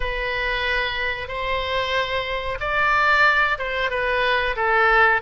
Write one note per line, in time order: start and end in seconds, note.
0.00 1.27 B4
1.27 2.58 C5
2.60 3.58 D5
3.58 3.90 C5
3.90 4.55 B4
4.56 5.21 A4